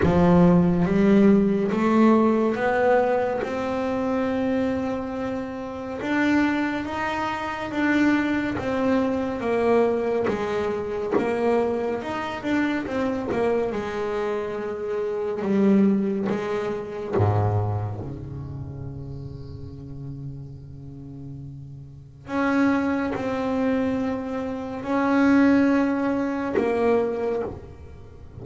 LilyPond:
\new Staff \with { instrumentName = "double bass" } { \time 4/4 \tempo 4 = 70 f4 g4 a4 b4 | c'2. d'4 | dis'4 d'4 c'4 ais4 | gis4 ais4 dis'8 d'8 c'8 ais8 |
gis2 g4 gis4 | gis,4 cis2.~ | cis2 cis'4 c'4~ | c'4 cis'2 ais4 | }